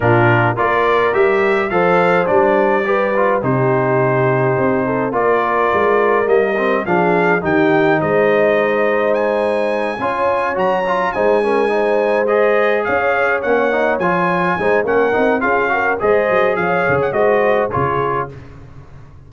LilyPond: <<
  \new Staff \with { instrumentName = "trumpet" } { \time 4/4 \tempo 4 = 105 ais'4 d''4 e''4 f''4 | d''2 c''2~ | c''4 d''2 dis''4 | f''4 g''4 dis''2 |
gis''2~ gis''8 ais''4 gis''8~ | gis''4. dis''4 f''4 fis''8~ | fis''8 gis''4. fis''4 f''4 | dis''4 f''8. fis''16 dis''4 cis''4 | }
  \new Staff \with { instrumentName = "horn" } { \time 4/4 f'4 ais'2 c''4~ | c''4 b'4 g'2~ | g'8 a'8 ais'2. | gis'4 g'4 c''2~ |
c''4. cis''2 c''8 | ais'8 c''2 cis''4.~ | cis''4. c''8 ais'4 gis'8 ais'8 | c''4 cis''4 c''4 gis'4 | }
  \new Staff \with { instrumentName = "trombone" } { \time 4/4 d'4 f'4 g'4 a'4 | d'4 g'8 f'8 dis'2~ | dis'4 f'2 ais8 c'8 | d'4 dis'2.~ |
dis'4. f'4 fis'8 f'8 dis'8 | cis'8 dis'4 gis'2 cis'8 | dis'8 f'4 dis'8 cis'8 dis'8 f'8 fis'8 | gis'2 fis'4 f'4 | }
  \new Staff \with { instrumentName = "tuba" } { \time 4/4 ais,4 ais4 g4 f4 | g2 c2 | c'4 ais4 gis4 g4 | f4 dis4 gis2~ |
gis4. cis'4 fis4 gis8~ | gis2~ gis8 cis'4 ais8~ | ais8 f4 gis8 ais8 c'8 cis'4 | gis8 fis8 f8 cis8 gis4 cis4 | }
>>